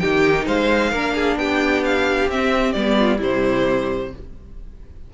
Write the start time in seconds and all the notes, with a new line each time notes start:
0.00 D#3 D#4 G4 G5
0.46 G#3 C5 F5
0.91 A#3 D4 A#4
1.15 G#4
1.36 B3 G4 G5
1.84 F5
2.28 C4 E5
2.73 G3 B3 D5
2.99 F4
3.18 C3 G3 E4 C5